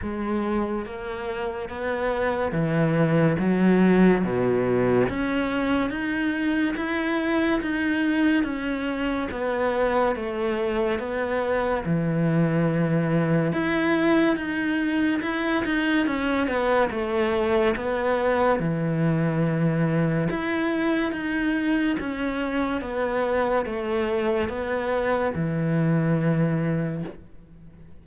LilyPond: \new Staff \with { instrumentName = "cello" } { \time 4/4 \tempo 4 = 71 gis4 ais4 b4 e4 | fis4 b,4 cis'4 dis'4 | e'4 dis'4 cis'4 b4 | a4 b4 e2 |
e'4 dis'4 e'8 dis'8 cis'8 b8 | a4 b4 e2 | e'4 dis'4 cis'4 b4 | a4 b4 e2 | }